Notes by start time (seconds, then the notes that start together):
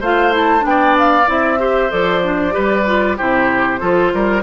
0.00 A3 F4 C5 F5
0.31 E4 A5
0.60 B3 D4
0.66 D5 G5
0.98 F5
1.26 C4 E4 E5
1.58 G4 C5
1.90 F3 A4 D5
2.23 D4
2.51 G3 G4 B4
2.85 F4
3.17 C3 E4 G4 C5
3.79 F3 F4 A4
4.13 G3 A#4